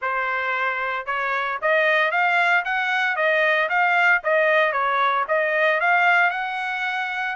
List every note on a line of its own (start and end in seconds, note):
0.01 1.06 C5
1.06 1.58 C#5
1.61 2.11 D#5
2.11 2.64 F5
2.65 3.16 F#5
3.16 3.68 D#5
3.69 4.21 F5
4.23 4.72 D#5
4.72 5.25 C#5
5.28 5.80 D#5
5.80 6.30 F5
6.30 7.35 F#5